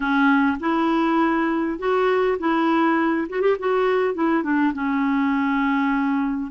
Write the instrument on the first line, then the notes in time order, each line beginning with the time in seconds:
clarinet
0.00 C#4
0.60 E4
1.78 F#4
2.38 E4
3.29 F#4
3.41 G4
3.59 F#4
4.14 E4
4.43 D4
4.73 C#4